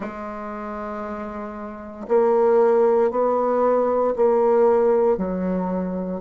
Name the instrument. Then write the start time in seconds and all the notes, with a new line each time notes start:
bassoon
0.00 G#3
2.08 A#3
3.10 B3
4.16 A#3
5.17 F#3